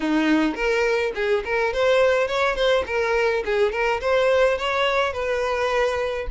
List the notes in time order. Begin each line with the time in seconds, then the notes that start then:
0.00 D#4
0.55 A#4
1.15 G#4
1.44 A#4
1.73 C5
2.27 C#5
2.55 C5
2.86 A#4
3.45 G#4
3.71 A#4
4.00 C5
4.58 C#5
5.12 B4